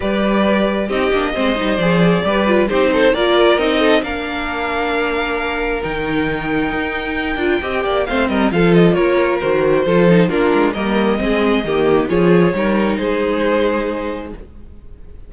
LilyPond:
<<
  \new Staff \with { instrumentName = "violin" } { \time 4/4 \tempo 4 = 134 d''2 dis''2 | d''2 c''4 d''4 | dis''4 f''2.~ | f''4 g''2.~ |
g''2 f''8 dis''8 f''8 dis''8 | cis''4 c''2 ais'4 | dis''2. cis''4~ | cis''4 c''2. | }
  \new Staff \with { instrumentName = "violin" } { \time 4/4 b'2 g'4 c''4~ | c''4 b'4 g'8 a'8 ais'4~ | ais'8 a'8 ais'2.~ | ais'1~ |
ais'4 dis''8 d''8 c''8 ais'8 a'4 | ais'2 a'4 f'4 | ais'4 gis'4 g'4 gis'4 | ais'4 gis'2. | }
  \new Staff \with { instrumentName = "viola" } { \time 4/4 g'2 dis'8 d'8 c'8 dis'8 | gis'4 g'8 f'8 dis'4 f'4 | dis'4 d'2.~ | d'4 dis'2.~ |
dis'8 f'8 g'4 c'4 f'4~ | f'4 fis'4 f'8 dis'8 d'4 | ais4 c'4 ais4 f'4 | dis'1 | }
  \new Staff \with { instrumentName = "cello" } { \time 4/4 g2 c'8 ais8 gis8 g8 | f4 g4 c'4 ais4 | c'4 ais2.~ | ais4 dis2 dis'4~ |
dis'8 d'8 c'8 ais8 a8 g8 f4 | ais4 dis4 f4 ais8 gis8 | g4 gis4 dis4 f4 | g4 gis2. | }
>>